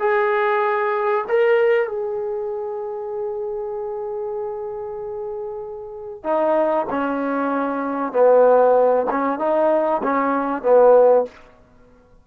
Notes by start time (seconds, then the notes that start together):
0.00 G#4
1.29 A#4
1.88 G#4
6.24 D#4
6.90 C#4
8.12 B3
9.11 C#4
9.39 D#4
10.03 C#4
10.62 B3